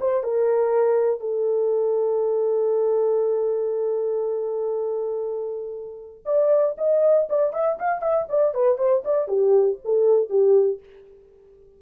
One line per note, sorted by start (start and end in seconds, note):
0.00 0.23 C5
0.23 1.20 A#4
1.20 6.24 A4
6.25 6.76 D5
6.77 7.28 D#5
7.29 7.53 D5
7.53 7.78 E5
7.79 8.02 F5
8.02 8.27 E5
8.28 8.54 D5
8.54 8.78 B4
8.78 9.03 C5
9.04 9.28 D5
9.28 9.78 G4
9.84 10.29 A4
10.29 10.79 G4